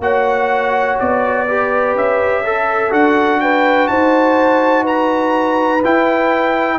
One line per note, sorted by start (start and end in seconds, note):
0.00 0.97 A#3
0.00 1.47 F#4
0.00 1.48 C#5
0.00 0.99 F#5
1.00 1.96 B3
1.00 1.97 D5
1.48 2.45 G4
1.48 2.44 B4
1.96 2.92 C#4
1.96 2.94 E5
2.44 3.41 A4
2.44 2.91 A4
2.91 3.89 D4
2.91 5.81 F#4
2.91 3.41 F#5
3.41 3.91 B4
3.41 3.88 G5
3.88 5.83 D#4
3.88 4.83 C5
3.88 4.85 A5
4.83 6.77 B4
4.83 5.84 A#5
5.84 6.79 E4
5.84 6.79 G5